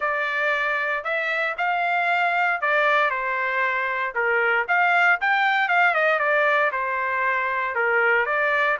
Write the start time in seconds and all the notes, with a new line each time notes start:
0.00 D5
1.04 E5
1.57 F5
2.61 D5
3.10 C5
4.14 A#4
4.68 F5
5.20 G5
5.68 F5
5.94 D#5
6.19 D5
6.71 C5
7.75 A#4
8.25 D5